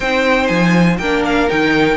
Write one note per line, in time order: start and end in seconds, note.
0.00 0.49 C4
0.00 1.01 D#4
0.00 0.98 C5
0.00 0.47 G5
0.47 0.98 F3
0.47 0.96 G#5
0.98 1.48 A#3
0.98 1.49 D4
0.98 1.96 A#4
0.98 1.22 G5
1.24 1.49 F5
1.49 1.96 D#3
1.49 1.96 D#4
1.49 1.96 G5